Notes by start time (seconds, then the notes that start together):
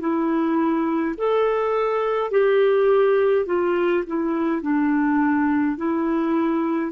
0.00 E4
1.17 A4
2.31 G4
3.46 F4
4.07 E4
4.62 D4
5.77 E4